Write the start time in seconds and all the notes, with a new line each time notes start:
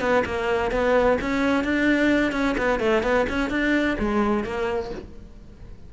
0.00 B3
0.25 A#3
0.71 B3
1.21 C#4
1.64 D4
2.32 C#4
2.58 B3
2.79 A3
3.02 B3
3.29 C#4
3.50 D4
3.99 G#3
4.44 A#3